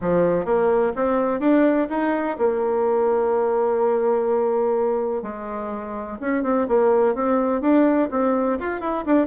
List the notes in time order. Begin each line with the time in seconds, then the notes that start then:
0.01 F3
0.45 A#3
0.95 C4
1.39 D4
1.89 D#4
2.37 A#3
5.22 G#3
6.20 C#4
6.43 C4
6.68 A#3
7.14 C4
7.61 D4
8.10 C4
8.59 F4
8.80 E4
9.05 D4